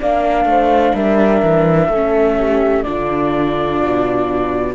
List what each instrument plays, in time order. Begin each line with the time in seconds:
0.00 cello A#3, viola D4, horn D5, flute F5
0.46 cello A3, horn C5
0.95 cello G3, horn A#4, flute E5
1.43 cello E3
1.89 cello A3, viola C#4, horn A4
2.39 horn G4
2.83 cello D3, viola D4, horn F4, flute D5
3.83 cello B2